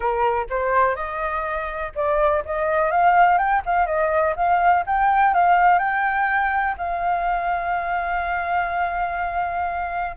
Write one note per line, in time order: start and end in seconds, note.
0.00 0.46 A#4
0.49 0.95 C5
0.95 1.92 D#5
1.95 2.43 D5
2.45 2.91 D#5
2.91 3.38 F5
3.38 3.62 G5
3.65 3.86 F5
3.86 4.34 D#5
4.35 4.84 F5
4.86 5.34 G5
5.34 5.78 F5
5.78 6.75 G5
6.77 10.16 F5